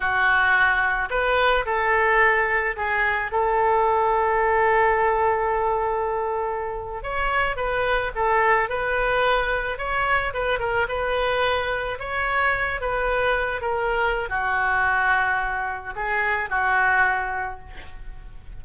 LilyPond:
\new Staff \with { instrumentName = "oboe" } { \time 4/4 \tempo 4 = 109 fis'2 b'4 a'4~ | a'4 gis'4 a'2~ | a'1~ | a'8. cis''4 b'4 a'4 b'16~ |
b'4.~ b'16 cis''4 b'8 ais'8 b'16~ | b'4.~ b'16 cis''4. b'8.~ | b'8. ais'4~ ais'16 fis'2~ | fis'4 gis'4 fis'2 | }